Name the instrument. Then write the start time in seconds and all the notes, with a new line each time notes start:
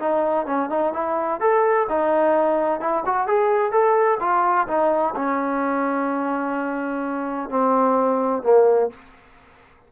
trombone
0.00 D#4
0.46 C#4
0.70 D#4
0.94 E4
1.41 A4
1.90 D#4
2.81 E4
3.06 F#4
3.28 G#4
3.72 A4
4.21 F4
4.68 D#4
5.16 C#4
7.50 C4
8.43 A#3